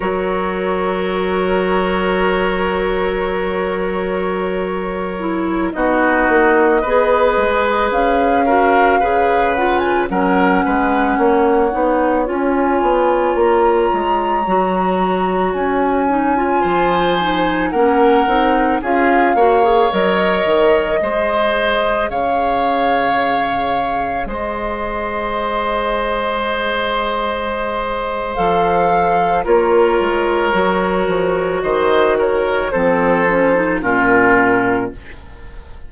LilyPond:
<<
  \new Staff \with { instrumentName = "flute" } { \time 4/4 \tempo 4 = 55 cis''1~ | cis''4~ cis''16 dis''2 f''8.~ | f''8. fis''16 gis''16 fis''2 gis''8.~ | gis''16 ais''2 gis''4.~ gis''16~ |
gis''16 fis''4 f''4 dis''4.~ dis''16~ | dis''16 f''2 dis''4.~ dis''16~ | dis''2 f''4 cis''4~ | cis''4 dis''8 cis''8 c''4 ais'4 | }
  \new Staff \with { instrumentName = "oboe" } { \time 4/4 ais'1~ | ais'4~ ais'16 fis'4 b'4. ais'16~ | ais'16 b'4 ais'8 b'8 cis''4.~ cis''16~ | cis''2.~ cis''16 c''8.~ |
c''16 ais'4 gis'8 cis''4. c''8.~ | c''16 cis''2 c''4.~ c''16~ | c''2. ais'4~ | ais'4 c''8 ais'8 a'4 f'4 | }
  \new Staff \with { instrumentName = "clarinet" } { \time 4/4 fis'1~ | fis'8. e'8 dis'4 gis'4. fis'16~ | fis'16 gis'8 f'8 cis'4. dis'8 f'8.~ | f'4~ f'16 fis'4. dis'16 f'8. dis'16~ |
dis'16 cis'8 dis'8 f'8 fis'16 gis'16 ais'4 gis'8.~ | gis'1~ | gis'2 a'4 f'4 | fis'2 c'8 cis'16 dis'16 cis'4 | }
  \new Staff \with { instrumentName = "bassoon" } { \time 4/4 fis1~ | fis4~ fis16 b8 ais8 b8 gis8 cis'8.~ | cis'16 cis4 fis8 gis8 ais8 b8 cis'8 b16~ | b16 ais8 gis8 fis4 cis'4 f8.~ |
f16 ais8 c'8 cis'8 ais8 fis8 dis8 gis8.~ | gis16 cis2 gis4.~ gis16~ | gis2 f4 ais8 gis8 | fis8 f8 dis4 f4 ais,4 | }
>>